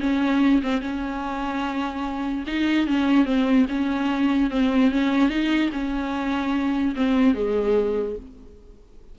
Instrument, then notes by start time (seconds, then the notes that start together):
viola
0.00 C#4
0.62 C4
0.81 C#4
2.47 D#4
2.87 C#4
3.25 C4
3.69 C#4
4.50 C4
4.91 C#4
5.29 D#4
5.72 C#4
6.96 C4
7.34 G#3